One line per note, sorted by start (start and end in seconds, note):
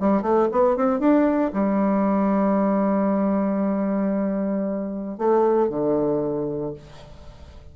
0.00 0.22 G3
0.22 0.48 A3
0.51 0.76 B3
0.76 0.99 C4
0.99 1.52 D4
1.53 5.18 G3
5.18 5.69 A3
5.69 6.74 D3